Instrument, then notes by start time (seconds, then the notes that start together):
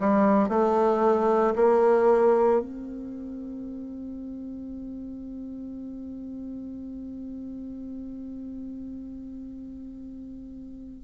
bassoon
0.00 G3
0.49 A3
1.56 A#3
2.61 C4